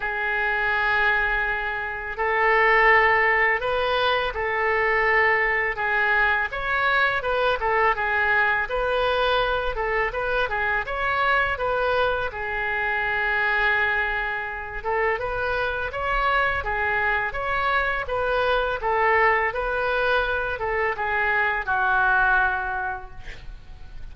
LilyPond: \new Staff \with { instrumentName = "oboe" } { \time 4/4 \tempo 4 = 83 gis'2. a'4~ | a'4 b'4 a'2 | gis'4 cis''4 b'8 a'8 gis'4 | b'4. a'8 b'8 gis'8 cis''4 |
b'4 gis'2.~ | gis'8 a'8 b'4 cis''4 gis'4 | cis''4 b'4 a'4 b'4~ | b'8 a'8 gis'4 fis'2 | }